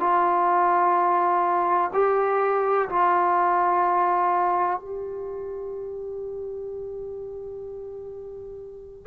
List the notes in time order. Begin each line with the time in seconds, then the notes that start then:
0.00 F4
1.94 G4
2.89 F4
4.79 G4